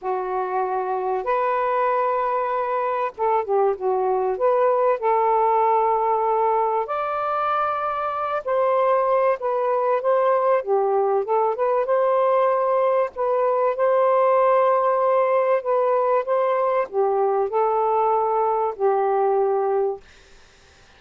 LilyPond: \new Staff \with { instrumentName = "saxophone" } { \time 4/4 \tempo 4 = 96 fis'2 b'2~ | b'4 a'8 g'8 fis'4 b'4 | a'2. d''4~ | d''4. c''4. b'4 |
c''4 g'4 a'8 b'8 c''4~ | c''4 b'4 c''2~ | c''4 b'4 c''4 g'4 | a'2 g'2 | }